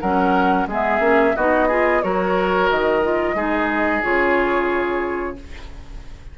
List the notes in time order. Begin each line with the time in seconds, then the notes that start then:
0.00 F#3 C#4 A#4 F#5
0.66 G#3 B3 G#4
0.72 E5
0.99 A#3 C#4
1.36 B3 D#4 F#4 D#5
1.68 F4 G#4
2.02 F#3 F#4 A#4 C#5
2.69 D#3 D#5
3.02 F4
3.34 G#3 D#4 G#4
4.02 C#3 F4 C#5